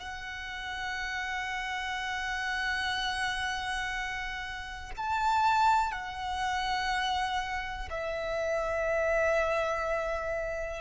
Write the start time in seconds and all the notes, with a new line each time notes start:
0.00 F#5
4.97 A5
5.92 F#5
7.90 E5